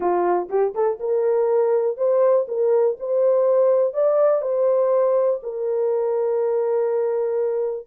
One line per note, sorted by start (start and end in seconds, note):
0.00 0.49 F4
0.49 0.74 G4
0.74 0.99 A4
0.99 1.97 A#4
1.97 2.46 C5
2.48 2.97 A#4
2.99 3.93 C5
3.93 4.42 D5
4.42 5.40 C5
5.42 7.86 A#4